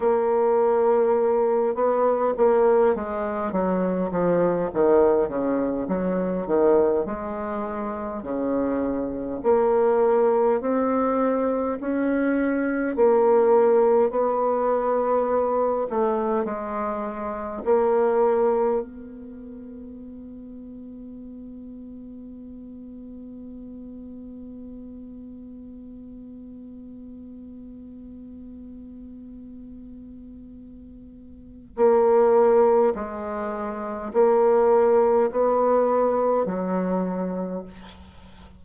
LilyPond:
\new Staff \with { instrumentName = "bassoon" } { \time 4/4 \tempo 4 = 51 ais4. b8 ais8 gis8 fis8 f8 | dis8 cis8 fis8 dis8 gis4 cis4 | ais4 c'4 cis'4 ais4 | b4. a8 gis4 ais4 |
b1~ | b1~ | b2. ais4 | gis4 ais4 b4 fis4 | }